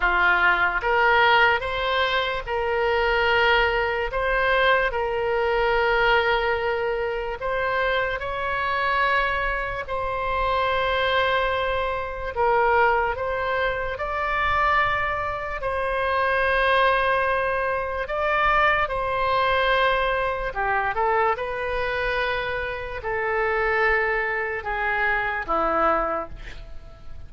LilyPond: \new Staff \with { instrumentName = "oboe" } { \time 4/4 \tempo 4 = 73 f'4 ais'4 c''4 ais'4~ | ais'4 c''4 ais'2~ | ais'4 c''4 cis''2 | c''2. ais'4 |
c''4 d''2 c''4~ | c''2 d''4 c''4~ | c''4 g'8 a'8 b'2 | a'2 gis'4 e'4 | }